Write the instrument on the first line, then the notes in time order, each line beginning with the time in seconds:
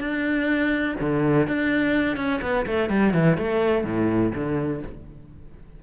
cello
0.00 D4
1.00 D3
1.47 D4
2.16 C#4
2.42 B3
2.66 A3
2.89 G3
3.14 E3
3.37 A3
3.84 A2
4.34 D3